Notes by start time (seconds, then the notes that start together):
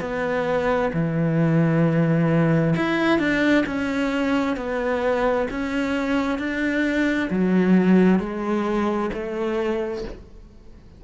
0.00 B3
0.93 E3
2.76 E4
3.19 D4
3.66 C#4
4.56 B3
5.50 C#4
6.38 D4
7.30 F#3
8.19 G#3
9.13 A3